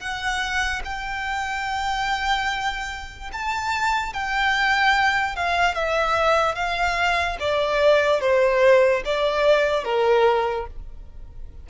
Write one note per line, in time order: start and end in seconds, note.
0.00 0.82 F#5
0.85 3.32 G5
3.33 4.14 A5
4.14 5.36 G5
5.36 5.75 F5
5.75 6.55 E5
6.55 7.37 F5
7.40 8.21 D5
8.21 9.03 C5
9.06 9.85 D5
9.85 10.67 A#4